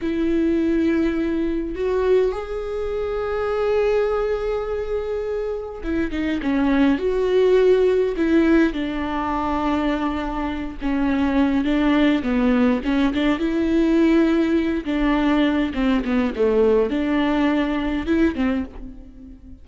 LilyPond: \new Staff \with { instrumentName = "viola" } { \time 4/4 \tempo 4 = 103 e'2. fis'4 | gis'1~ | gis'2 e'8 dis'8 cis'4 | fis'2 e'4 d'4~ |
d'2~ d'8 cis'4. | d'4 b4 cis'8 d'8 e'4~ | e'4. d'4. c'8 b8 | a4 d'2 e'8 c'8 | }